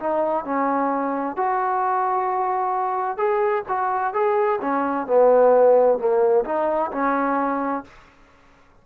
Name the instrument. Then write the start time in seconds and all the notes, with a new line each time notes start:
trombone
0.00 D#4
0.45 C#4
1.37 F#4
3.17 G#4
3.69 F#4
4.14 G#4
4.62 C#4
5.07 B3
5.99 A#3
6.45 D#4
6.92 C#4